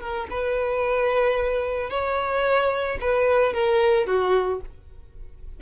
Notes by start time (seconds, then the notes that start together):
0.00 A#4
0.30 B4
1.89 C#5
3.00 B4
3.53 A#4
4.06 F#4